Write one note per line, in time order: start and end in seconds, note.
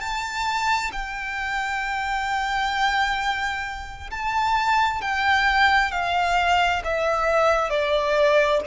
0.00 0.91 A5
0.92 4.10 G5
4.11 5.01 A5
5.01 5.91 G5
5.91 6.82 F5
6.84 7.70 E5
7.70 8.61 D5